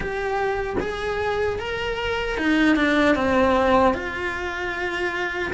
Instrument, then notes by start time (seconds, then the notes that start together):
cello
0.00 G4
0.80 G#4
1.59 A#4
2.37 D#4
2.76 D4
3.15 C4
3.94 F4